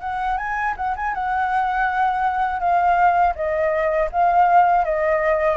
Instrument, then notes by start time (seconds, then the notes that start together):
flute
0.00 F#5
0.37 G#5
0.76 F#5
0.96 G#5
1.14 F#5
2.59 F5
3.35 D#5
4.11 F5
4.84 D#5